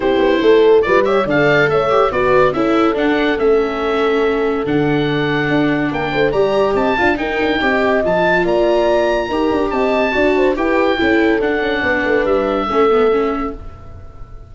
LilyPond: <<
  \new Staff \with { instrumentName = "oboe" } { \time 4/4 \tempo 4 = 142 c''2 d''8 e''8 f''4 | e''4 d''4 e''4 fis''4 | e''2. fis''4~ | fis''2 g''4 ais''4 |
a''4 g''2 a''4 | ais''2. a''4~ | a''4 g''2 fis''4~ | fis''4 e''2. | }
  \new Staff \with { instrumentName = "horn" } { \time 4/4 g'4 a'4 b'8 cis''8 d''4 | cis''4 b'4 a'2~ | a'1~ | a'2 ais'8 c''8 d''4 |
dis''8 f''8 ais'4 dis''2 | d''2 ais'4 dis''4 | d''8 c''8 b'4 a'2 | b'2 a'2 | }
  \new Staff \with { instrumentName = "viola" } { \time 4/4 e'2 f'8 g'8 a'4~ | a'8 g'8 fis'4 e'4 d'4 | cis'2. d'4~ | d'2. g'4~ |
g'8 f'8 dis'4 g'4 f'4~ | f'2 g'2 | fis'4 g'4 e'4 d'4~ | d'2 cis'8 b8 cis'4 | }
  \new Staff \with { instrumentName = "tuba" } { \time 4/4 c'8 b8 a4 g4 d4 | a4 b4 cis'4 d'4 | a2. d4~ | d4 d'4 ais8 a8 g4 |
c'8 d'8 dis'8 d'16 dis'16 c'4 f4 | ais2 dis'8 d'8 c'4 | d'4 e'4 cis'4 d'8 cis'8 | b8 a8 g4 a2 | }
>>